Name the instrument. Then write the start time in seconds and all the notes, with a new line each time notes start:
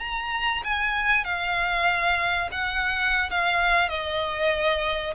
violin
0.00 A#5
0.64 G#5
1.25 F5
2.52 F#5
3.31 F5
3.89 D#5